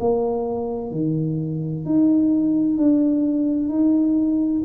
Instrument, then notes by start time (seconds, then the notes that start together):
tuba
0.00 A#3
0.92 D#3
1.85 D#4
2.78 D4
3.69 D#4